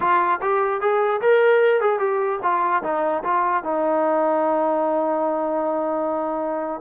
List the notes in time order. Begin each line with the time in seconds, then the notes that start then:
0.00 F4
0.41 G4
0.80 G#4
1.21 A#4
1.80 G#4
1.99 G4
2.42 F4
2.83 D#4
3.23 F4
3.63 D#4